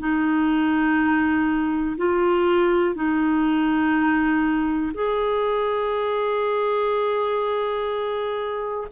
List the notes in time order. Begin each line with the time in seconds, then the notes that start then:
0.00 D#4
1.98 F4
2.96 D#4
4.94 G#4